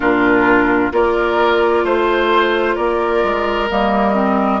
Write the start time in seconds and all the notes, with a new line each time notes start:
0.00 A#2 D4 F4 A#4
0.92 A#3 F4 A#4 D5
1.84 A3 C5
2.75 A#3 A#4 D5
3.23 G#3
3.69 G3 A#3 D#5
4.13 C4